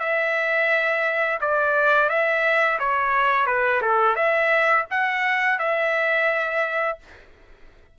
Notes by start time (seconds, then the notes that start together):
0.00 E5
1.41 D5
2.09 E5
2.80 C#5
3.47 B4
3.82 A4
4.16 E5
4.91 F#5
5.59 E5